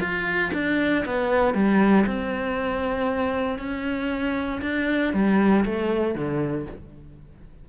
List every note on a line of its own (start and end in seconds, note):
0.00 0.51 F4
0.53 1.05 D4
1.05 1.54 B3
1.54 2.05 G3
2.07 3.59 C4
3.59 4.61 C#4
4.62 5.13 D4
5.13 5.65 G3
5.65 6.15 A3
6.15 6.66 D3